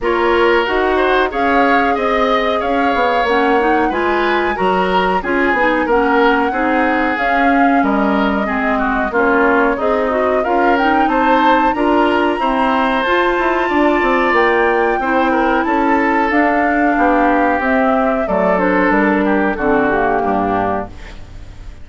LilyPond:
<<
  \new Staff \with { instrumentName = "flute" } { \time 4/4 \tempo 4 = 92 cis''4 fis''4 f''4 dis''4 | f''4 fis''4 gis''4 ais''4 | gis''4 fis''2 f''4 | dis''2 cis''4 dis''4 |
f''8 g''8 a''4 ais''2 | a''2 g''2 | a''4 f''2 e''4 | d''8 c''8 ais'4 a'8 g'4. | }
  \new Staff \with { instrumentName = "oboe" } { \time 4/4 ais'4. c''8 cis''4 dis''4 | cis''2 b'4 ais'4 | gis'4 ais'4 gis'2 | ais'4 gis'8 fis'8 f'4 dis'4 |
ais'4 c''4 ais'4 c''4~ | c''4 d''2 c''8 ais'8 | a'2 g'2 | a'4. g'8 fis'4 d'4 | }
  \new Staff \with { instrumentName = "clarinet" } { \time 4/4 f'4 fis'4 gis'2~ | gis'4 cis'8 dis'8 f'4 fis'4 | f'8 dis'8 cis'4 dis'4 cis'4~ | cis'4 c'4 cis'4 gis'8 fis'8 |
f'8 dis'4. f'4 c'4 | f'2. e'4~ | e'4 d'2 c'4 | a8 d'4. c'8 ais4. | }
  \new Staff \with { instrumentName = "bassoon" } { \time 4/4 ais4 dis'4 cis'4 c'4 | cis'8 b8 ais4 gis4 fis4 | cis'8 b8 ais4 c'4 cis'4 | g4 gis4 ais4 c'4 |
cis'4 c'4 d'4 e'4 | f'8 e'8 d'8 c'8 ais4 c'4 | cis'4 d'4 b4 c'4 | fis4 g4 d4 g,4 | }
>>